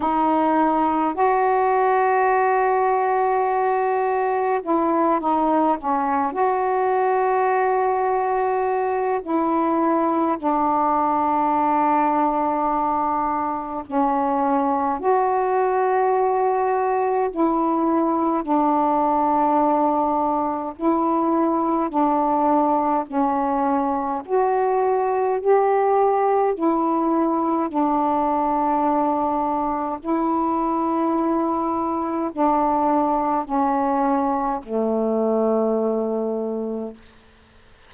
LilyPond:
\new Staff \with { instrumentName = "saxophone" } { \time 4/4 \tempo 4 = 52 dis'4 fis'2. | e'8 dis'8 cis'8 fis'2~ fis'8 | e'4 d'2. | cis'4 fis'2 e'4 |
d'2 e'4 d'4 | cis'4 fis'4 g'4 e'4 | d'2 e'2 | d'4 cis'4 a2 | }